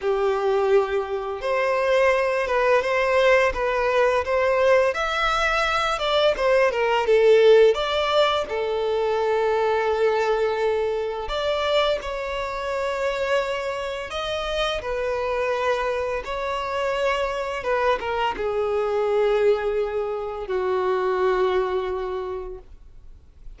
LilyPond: \new Staff \with { instrumentName = "violin" } { \time 4/4 \tempo 4 = 85 g'2 c''4. b'8 | c''4 b'4 c''4 e''4~ | e''8 d''8 c''8 ais'8 a'4 d''4 | a'1 |
d''4 cis''2. | dis''4 b'2 cis''4~ | cis''4 b'8 ais'8 gis'2~ | gis'4 fis'2. | }